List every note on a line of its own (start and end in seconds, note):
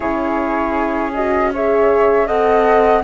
0.00 2.28 C#4
0.00 1.13 E4
0.00 1.50 G#4
0.00 1.12 C#5
1.14 1.54 F#4
1.14 1.52 D#5
1.53 2.27 G#4
1.53 2.26 C#5
1.53 2.27 E5
2.26 3.03 C4
2.26 3.03 A4
2.26 3.02 D#5
2.26 3.03 F#5